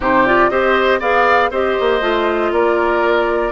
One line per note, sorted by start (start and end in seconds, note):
0.00 0.49 C3
0.00 0.26 D#4
0.00 0.50 G4
0.00 0.26 C5
0.26 0.50 F4
0.26 0.50 D5
0.49 1.00 C4
0.49 1.01 G4
0.49 0.99 C5
0.49 1.00 D#5
0.99 1.50 B3
0.99 1.51 G#4
0.99 1.50 D5
0.99 1.51 F5
1.50 1.76 C4
1.50 2.01 G4
1.50 2.51 C5
1.50 2.53 D#5
1.80 2.01 A#3
2.01 2.51 A3
2.01 3.52 F4
2.51 3.52 A#3
2.51 3.52 A#4
2.51 3.52 D5